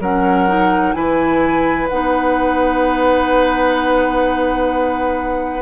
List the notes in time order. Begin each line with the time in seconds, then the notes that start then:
0.00 F#3 C#4 A#4 F#5
0.48 D#4
0.93 E3 E4 B4 G#5
1.89 B3 D#4 F#5